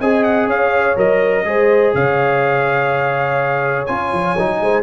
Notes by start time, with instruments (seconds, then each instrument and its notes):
0.00 tuba C4, trombone G#4, horn D#5, trumpet G#5
0.23 trumpet F#5
0.46 tuba C#4, horn C#5, trumpet F5
0.96 tuba F#3, trombone A#4, trumpet D#5
1.44 tuba G#3, trombone G#4, horn C5
1.94 tuba C#3, horn C#5, trumpet F5
3.86 tuba C#4, trombone F4, trumpet G#5
4.12 tuba F3
4.37 tuba F#3, trombone D#4
4.60 tuba G#3, horn C5